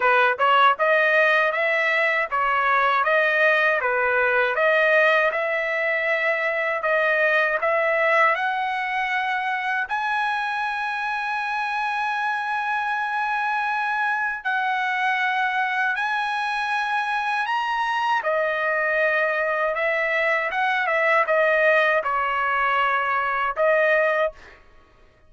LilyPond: \new Staff \with { instrumentName = "trumpet" } { \time 4/4 \tempo 4 = 79 b'8 cis''8 dis''4 e''4 cis''4 | dis''4 b'4 dis''4 e''4~ | e''4 dis''4 e''4 fis''4~ | fis''4 gis''2.~ |
gis''2. fis''4~ | fis''4 gis''2 ais''4 | dis''2 e''4 fis''8 e''8 | dis''4 cis''2 dis''4 | }